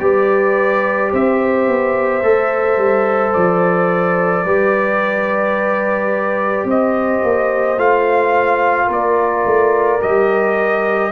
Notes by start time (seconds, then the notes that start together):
0.00 G3 G4 B4 D5
1.12 C4 C5 E5
1.68 B3
2.23 A3 A4
2.78 G3
3.34 F3 D5
4.45 G3 G4 B4
6.65 C4 C5 D#5
7.23 A#3
7.78 A3 F4 F5
8.88 A#3 A#4 D5
9.46 A3
10.01 G3 G4 D#5